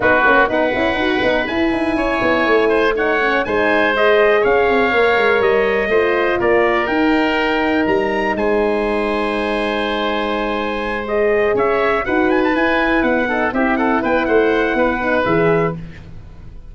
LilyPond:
<<
  \new Staff \with { instrumentName = "trumpet" } { \time 4/4 \tempo 4 = 122 b'4 fis''2 gis''4~ | gis''2 fis''4 gis''4 | dis''4 f''2 dis''4~ | dis''4 d''4 g''2 |
ais''4 gis''2.~ | gis''2~ gis''8 dis''4 e''8~ | e''8 fis''8 gis''16 a''16 gis''4 fis''4 e''8 | fis''8 g''8 fis''2 e''4 | }
  \new Staff \with { instrumentName = "oboe" } { \time 4/4 fis'4 b'2. | cis''4. c''8 cis''4 c''4~ | c''4 cis''2. | c''4 ais'2.~ |
ais'4 c''2.~ | c''2.~ c''8 cis''8~ | cis''8 b'2~ b'8 a'8 g'8 | a'8 b'8 c''4 b'2 | }
  \new Staff \with { instrumentName = "horn" } { \time 4/4 dis'8 cis'8 dis'8 e'8 fis'8 dis'8 e'4~ | e'2 dis'8 cis'8 dis'4 | gis'2 ais'2 | f'2 dis'2~ |
dis'1~ | dis'2~ dis'8 gis'4.~ | gis'8 fis'4 e'4. dis'8 e'8~ | e'2~ e'8 dis'8 gis'4 | }
  \new Staff \with { instrumentName = "tuba" } { \time 4/4 b8 ais8 b8 cis'8 dis'8 b8 e'8 dis'8 | cis'8 b8 a2 gis4~ | gis4 cis'8 c'8 ais8 gis8 g4 | a4 ais4 dis'2 |
g4 gis2.~ | gis2.~ gis8 cis'8~ | cis'8 dis'4 e'4 b4 c'8~ | c'8 b8 a4 b4 e4 | }
>>